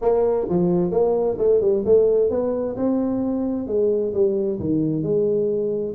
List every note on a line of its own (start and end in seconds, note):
0.01 0.47 A#3
0.49 0.91 F3
0.91 1.37 A#3
1.38 1.61 A3
1.61 1.83 G3
1.85 2.30 A3
2.30 2.76 B3
2.76 3.67 C4
3.67 4.13 G#3
4.13 4.59 G3
4.59 5.02 D#3
5.02 5.94 G#3